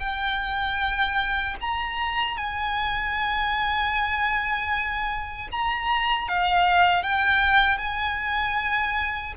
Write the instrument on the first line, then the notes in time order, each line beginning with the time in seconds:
violin
0.00 G5
1.61 A#5
2.37 G#5
5.52 A#5
6.29 F5
7.03 G5
7.79 G#5